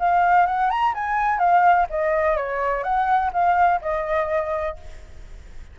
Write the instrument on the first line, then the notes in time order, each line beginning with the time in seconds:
flute
0.00 F5
0.47 F#5
0.71 A#5
0.95 G#5
1.39 F5
1.90 D#5
2.37 C#5
2.84 F#5
3.34 F5
3.82 D#5